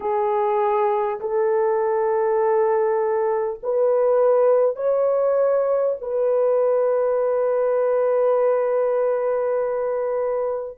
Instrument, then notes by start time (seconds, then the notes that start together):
horn
0.00 G#4
1.19 A4
3.62 B4
4.76 C#5
6.01 B4